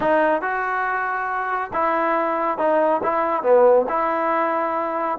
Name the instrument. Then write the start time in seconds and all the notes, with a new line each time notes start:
trombone
0.00 D#4
0.41 F#4
1.73 E4
2.58 D#4
3.03 E4
3.43 B3
3.88 E4